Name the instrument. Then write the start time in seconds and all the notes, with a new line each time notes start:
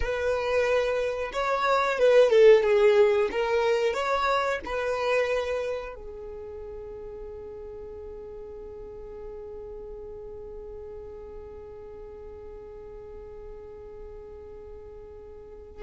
violin
0.00 B4
1.32 C#5
1.98 B4
2.30 A4
2.63 G#4
3.31 A#4
3.93 C#5
4.65 B4
5.95 G#4